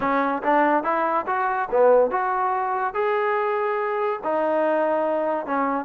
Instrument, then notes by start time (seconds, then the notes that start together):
trombone
0.00 C#4
0.42 D4
0.83 E4
1.26 F#4
1.71 B3
2.11 F#4
2.94 G#4
4.23 D#4
5.46 C#4